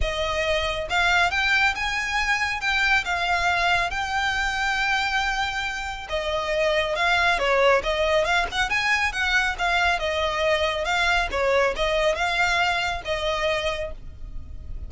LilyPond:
\new Staff \with { instrumentName = "violin" } { \time 4/4 \tempo 4 = 138 dis''2 f''4 g''4 | gis''2 g''4 f''4~ | f''4 g''2.~ | g''2 dis''2 |
f''4 cis''4 dis''4 f''8 fis''8 | gis''4 fis''4 f''4 dis''4~ | dis''4 f''4 cis''4 dis''4 | f''2 dis''2 | }